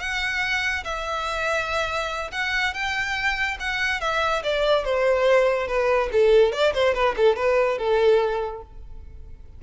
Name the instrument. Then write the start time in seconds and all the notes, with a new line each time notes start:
violin
0.00 F#5
0.84 E5
2.32 F#5
2.74 G5
3.60 F#5
4.01 E5
4.43 D5
4.85 C5
5.67 B4
6.12 A4
6.52 D5
6.74 C5
6.94 B4
7.16 A4
7.36 B4
7.78 A4